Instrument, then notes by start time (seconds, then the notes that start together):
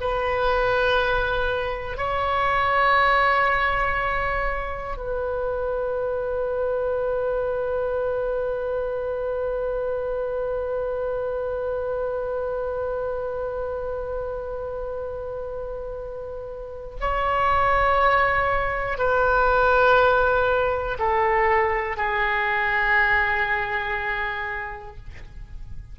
oboe
0.00 B4
1.97 C#5
4.96 B4
17.00 C#5
18.98 B4
20.98 A4
21.97 G#4